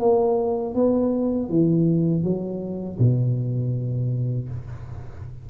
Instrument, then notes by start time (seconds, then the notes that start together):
tuba
0.00 A#3
0.75 B3
1.50 E3
2.24 F#3
2.99 B2